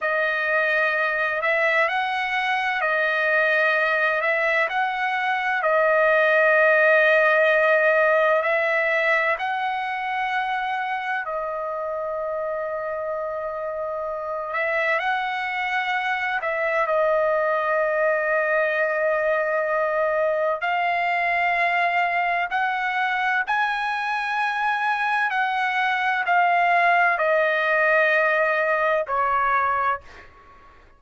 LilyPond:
\new Staff \with { instrumentName = "trumpet" } { \time 4/4 \tempo 4 = 64 dis''4. e''8 fis''4 dis''4~ | dis''8 e''8 fis''4 dis''2~ | dis''4 e''4 fis''2 | dis''2.~ dis''8 e''8 |
fis''4. e''8 dis''2~ | dis''2 f''2 | fis''4 gis''2 fis''4 | f''4 dis''2 cis''4 | }